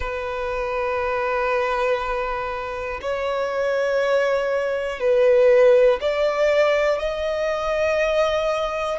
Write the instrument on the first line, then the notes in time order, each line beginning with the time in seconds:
violin
0.00 B4
3.01 C#5
4.99 B4
6.00 D5
6.99 D#5